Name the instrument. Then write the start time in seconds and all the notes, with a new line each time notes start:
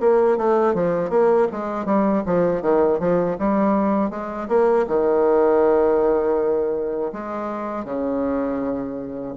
bassoon
0.00 A#3
0.37 A3
0.74 F3
1.10 A#3
1.52 G#3
1.85 G3
2.25 F3
2.61 D#3
2.99 F3
3.38 G3
4.10 G#3
4.48 A#3
4.87 D#3
7.12 G#3
7.84 C#3